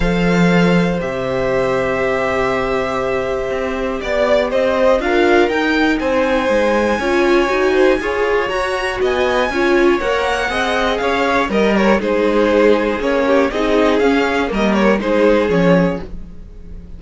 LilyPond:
<<
  \new Staff \with { instrumentName = "violin" } { \time 4/4 \tempo 4 = 120 f''2 e''2~ | e''1 | d''4 dis''4 f''4 g''4 | gis''1~ |
gis''4 ais''4 gis''2 | fis''2 f''4 dis''8 cis''8 | c''2 cis''4 dis''4 | f''4 dis''8 cis''8 c''4 cis''4 | }
  \new Staff \with { instrumentName = "violin" } { \time 4/4 c''1~ | c''1 | d''4 c''4 ais'2 | c''2 cis''4. c''8 |
cis''2 dis''4 cis''4~ | cis''4 dis''4 cis''4 ais'4 | gis'2~ gis'8 g'8 gis'4~ | gis'4 ais'4 gis'2 | }
  \new Staff \with { instrumentName = "viola" } { \time 4/4 a'2 g'2~ | g'1~ | g'2 f'4 dis'4~ | dis'2 f'4 fis'4 |
gis'4 fis'2 f'4 | ais'4 gis'2 ais'4 | dis'2 cis'4 dis'4 | cis'4 ais4 dis'4 cis'4 | }
  \new Staff \with { instrumentName = "cello" } { \time 4/4 f2 c2~ | c2. c'4 | b4 c'4 d'4 dis'4 | c'4 gis4 cis'4 dis'4 |
f'4 fis'4 b4 cis'4 | ais4 c'4 cis'4 g4 | gis2 ais4 c'4 | cis'4 g4 gis4 f4 | }
>>